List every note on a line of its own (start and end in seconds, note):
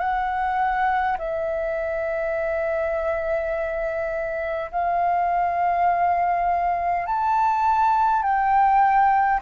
0.00 1.18 F#5
1.19 4.72 E5
4.72 7.07 F5
7.07 8.23 A5
8.23 9.41 G5